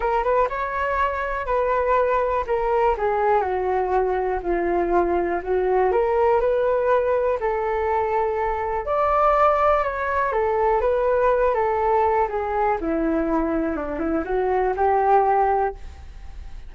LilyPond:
\new Staff \with { instrumentName = "flute" } { \time 4/4 \tempo 4 = 122 ais'8 b'8 cis''2 b'4~ | b'4 ais'4 gis'4 fis'4~ | fis'4 f'2 fis'4 | ais'4 b'2 a'4~ |
a'2 d''2 | cis''4 a'4 b'4. a'8~ | a'4 gis'4 e'2 | d'8 e'8 fis'4 g'2 | }